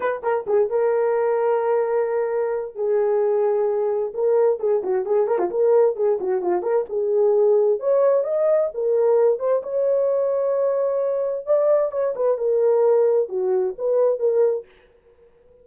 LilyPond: \new Staff \with { instrumentName = "horn" } { \time 4/4 \tempo 4 = 131 b'8 ais'8 gis'8 ais'2~ ais'8~ | ais'2 gis'2~ | gis'4 ais'4 gis'8 fis'8 gis'8 ais'16 f'16 | ais'4 gis'8 fis'8 f'8 ais'8 gis'4~ |
gis'4 cis''4 dis''4 ais'4~ | ais'8 c''8 cis''2.~ | cis''4 d''4 cis''8 b'8 ais'4~ | ais'4 fis'4 b'4 ais'4 | }